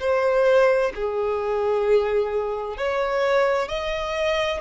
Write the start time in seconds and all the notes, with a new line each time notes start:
0.00 C5
0.95 G#4
2.77 C#5
3.68 D#5